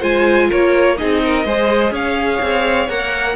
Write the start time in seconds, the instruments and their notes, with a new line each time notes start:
0.00 cello G#3, viola F4, violin C5 G#5
0.48 cello A#3, violin A#4 C#5
0.98 cello C4, viola D#4, violin G#4 D#5
1.24 violin A#4
1.45 cello G#3, viola G#4, violin C5
1.91 cello C#4, violin C#5 F5
2.42 cello C4
2.89 cello A#3, viola A#4, violin F#5